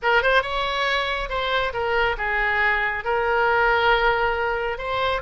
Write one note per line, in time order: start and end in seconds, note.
0.02 0.22 A#4
0.22 0.42 C5
0.42 1.29 C#5
1.29 1.73 C5
1.73 2.16 A#4
2.17 3.04 G#4
3.04 4.78 A#4
4.78 5.21 C5